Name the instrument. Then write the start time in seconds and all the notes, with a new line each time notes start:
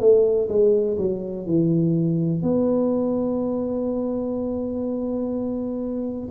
tuba
0.00 A3
0.49 G#3
0.98 F#3
1.46 E3
2.42 B3